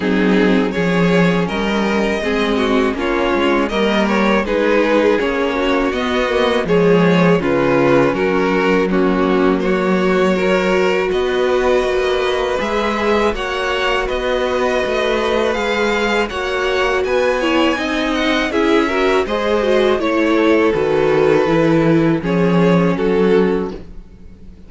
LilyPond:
<<
  \new Staff \with { instrumentName = "violin" } { \time 4/4 \tempo 4 = 81 gis'4 cis''4 dis''2 | cis''4 dis''8 cis''8 b'4 cis''4 | dis''4 cis''4 b'4 ais'4 | fis'4 cis''2 dis''4~ |
dis''4 e''4 fis''4 dis''4~ | dis''4 f''4 fis''4 gis''4~ | gis''8 fis''8 e''4 dis''4 cis''4 | b'2 cis''4 a'4 | }
  \new Staff \with { instrumentName = "violin" } { \time 4/4 dis'4 gis'4 ais'4 gis'8 fis'8 | f'4 ais'4 gis'4. fis'8~ | fis'4 gis'4 f'4 fis'4 | cis'4 fis'4 ais'4 b'4~ |
b'2 cis''4 b'4~ | b'2 cis''4 b'8 cis''8 | dis''4 gis'8 ais'8 c''4 cis''8 a'8~ | a'2 gis'4 fis'4 | }
  \new Staff \with { instrumentName = "viola" } { \time 4/4 c'4 cis'2 c'4 | cis'4 ais4 dis'4 cis'4 | b8 ais8 gis4 cis'2 | ais2 fis'2~ |
fis'4 gis'4 fis'2~ | fis'4 gis'4 fis'4. e'8 | dis'4 e'8 fis'8 gis'8 fis'8 e'4 | fis'4 e'4 cis'2 | }
  \new Staff \with { instrumentName = "cello" } { \time 4/4 fis4 f4 g4 gis4 | ais8 gis8 g4 gis4 ais4 | b4 f4 cis4 fis4~ | fis2. b4 |
ais4 gis4 ais4 b4 | a4 gis4 ais4 b4 | c'4 cis'4 gis4 a4 | dis4 e4 f4 fis4 | }
>>